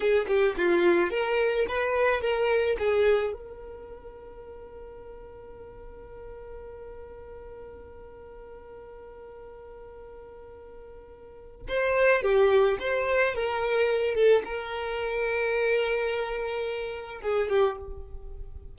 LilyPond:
\new Staff \with { instrumentName = "violin" } { \time 4/4 \tempo 4 = 108 gis'8 g'8 f'4 ais'4 b'4 | ais'4 gis'4 ais'2~ | ais'1~ | ais'1~ |
ais'1~ | ais'4 c''4 g'4 c''4 | ais'4. a'8 ais'2~ | ais'2. gis'8 g'8 | }